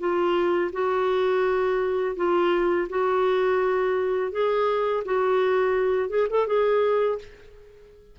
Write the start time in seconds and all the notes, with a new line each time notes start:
0.00 F4
0.73 F#4
2.17 F4
2.90 F#4
4.32 G#4
5.05 F#4
6.10 G#4
6.30 A4
6.48 G#4